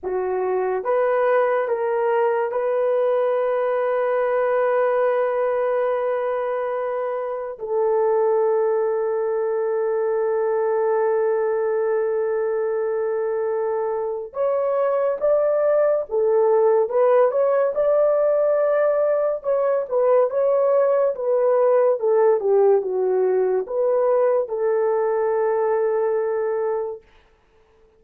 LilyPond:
\new Staff \with { instrumentName = "horn" } { \time 4/4 \tempo 4 = 71 fis'4 b'4 ais'4 b'4~ | b'1~ | b'4 a'2.~ | a'1~ |
a'4 cis''4 d''4 a'4 | b'8 cis''8 d''2 cis''8 b'8 | cis''4 b'4 a'8 g'8 fis'4 | b'4 a'2. | }